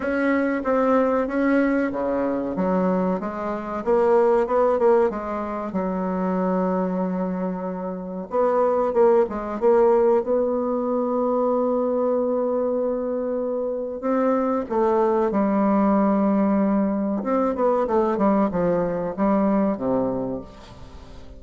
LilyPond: \new Staff \with { instrumentName = "bassoon" } { \time 4/4 \tempo 4 = 94 cis'4 c'4 cis'4 cis4 | fis4 gis4 ais4 b8 ais8 | gis4 fis2.~ | fis4 b4 ais8 gis8 ais4 |
b1~ | b2 c'4 a4 | g2. c'8 b8 | a8 g8 f4 g4 c4 | }